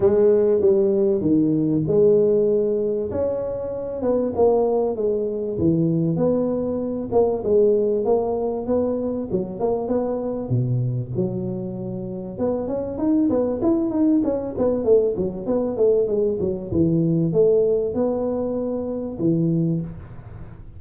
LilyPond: \new Staff \with { instrumentName = "tuba" } { \time 4/4 \tempo 4 = 97 gis4 g4 dis4 gis4~ | gis4 cis'4. b8 ais4 | gis4 e4 b4. ais8 | gis4 ais4 b4 fis8 ais8 |
b4 b,4 fis2 | b8 cis'8 dis'8 b8 e'8 dis'8 cis'8 b8 | a8 fis8 b8 a8 gis8 fis8 e4 | a4 b2 e4 | }